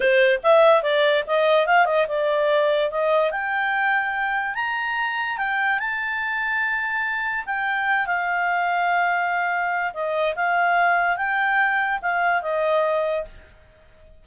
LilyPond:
\new Staff \with { instrumentName = "clarinet" } { \time 4/4 \tempo 4 = 145 c''4 e''4 d''4 dis''4 | f''8 dis''8 d''2 dis''4 | g''2. ais''4~ | ais''4 g''4 a''2~ |
a''2 g''4. f''8~ | f''1 | dis''4 f''2 g''4~ | g''4 f''4 dis''2 | }